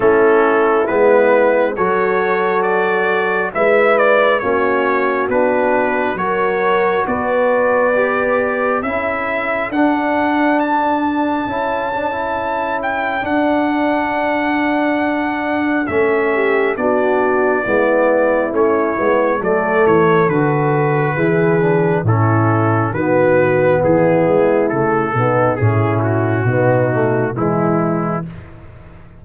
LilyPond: <<
  \new Staff \with { instrumentName = "trumpet" } { \time 4/4 \tempo 4 = 68 a'4 b'4 cis''4 d''4 | e''8 d''8 cis''4 b'4 cis''4 | d''2 e''4 fis''4 | a''2~ a''8 g''8 fis''4~ |
fis''2 e''4 d''4~ | d''4 cis''4 d''8 cis''8 b'4~ | b'4 a'4 b'4 gis'4 | a'4 gis'8 fis'4. e'4 | }
  \new Staff \with { instrumentName = "horn" } { \time 4/4 e'2 a'2 | b'4 fis'2 ais'4 | b'2 a'2~ | a'1~ |
a'2~ a'8 g'8 fis'4 | e'2 a'2 | gis'4 e'4 fis'4 e'4~ | e'8 dis'8 e'4 dis'4 e'4 | }
  \new Staff \with { instrumentName = "trombone" } { \time 4/4 cis'4 b4 fis'2 | e'4 cis'4 d'4 fis'4~ | fis'4 g'4 e'4 d'4~ | d'4 e'8 d'16 e'4~ e'16 d'4~ |
d'2 cis'4 d'4 | b4 cis'8 b8 a4 fis'4 | e'8 d'8 cis'4 b2 | a8 b8 cis'4 b8 a8 gis4 | }
  \new Staff \with { instrumentName = "tuba" } { \time 4/4 a4 gis4 fis2 | gis4 ais4 b4 fis4 | b2 cis'4 d'4~ | d'4 cis'2 d'4~ |
d'2 a4 b4 | gis4 a8 gis8 fis8 e8 d4 | e4 a,4 dis4 e8 gis8 | cis8 b,8 a,4 b,4 e4 | }
>>